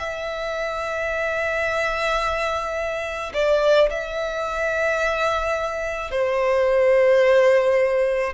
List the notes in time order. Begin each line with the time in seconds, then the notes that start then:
0.00 E5
3.34 D5
3.90 E5
6.12 C5